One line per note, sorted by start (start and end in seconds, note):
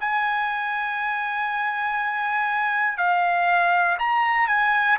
0.00 2.98 G#5
2.98 3.98 F5
3.99 4.48 A#5
4.48 4.98 G#5